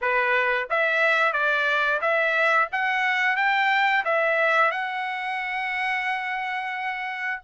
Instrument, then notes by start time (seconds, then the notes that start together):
trumpet
0.01 B4
0.70 E5
1.32 D5
2.01 E5
2.72 F#5
3.36 G5
4.04 E5
4.71 F#5